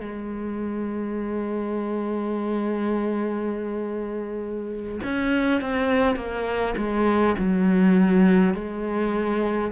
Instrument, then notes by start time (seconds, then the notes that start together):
cello
0.00 G#3
5.04 C#4
5.61 C4
6.16 A#3
6.77 G#3
7.39 F#3
8.54 G#3